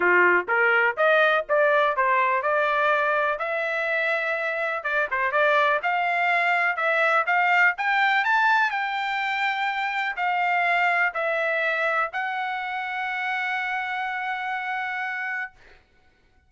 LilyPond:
\new Staff \with { instrumentName = "trumpet" } { \time 4/4 \tempo 4 = 124 f'4 ais'4 dis''4 d''4 | c''4 d''2 e''4~ | e''2 d''8 c''8 d''4 | f''2 e''4 f''4 |
g''4 a''4 g''2~ | g''4 f''2 e''4~ | e''4 fis''2.~ | fis''1 | }